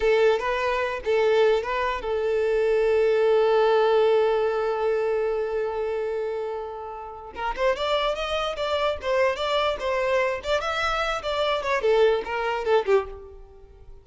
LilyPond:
\new Staff \with { instrumentName = "violin" } { \time 4/4 \tempo 4 = 147 a'4 b'4. a'4. | b'4 a'2.~ | a'1~ | a'1~ |
a'2 ais'8 c''8 d''4 | dis''4 d''4 c''4 d''4 | c''4. d''8 e''4. d''8~ | d''8 cis''8 a'4 ais'4 a'8 g'8 | }